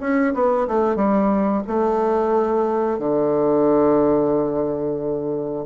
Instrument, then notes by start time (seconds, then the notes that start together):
bassoon
0.00 C#4
0.34 B3
0.67 A3
0.95 G3
1.67 A3
2.98 D3